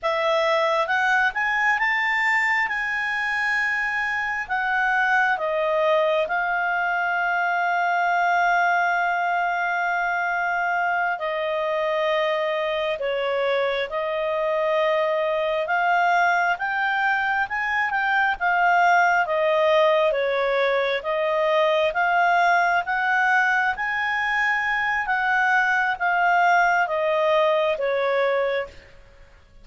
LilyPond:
\new Staff \with { instrumentName = "clarinet" } { \time 4/4 \tempo 4 = 67 e''4 fis''8 gis''8 a''4 gis''4~ | gis''4 fis''4 dis''4 f''4~ | f''1~ | f''8 dis''2 cis''4 dis''8~ |
dis''4. f''4 g''4 gis''8 | g''8 f''4 dis''4 cis''4 dis''8~ | dis''8 f''4 fis''4 gis''4. | fis''4 f''4 dis''4 cis''4 | }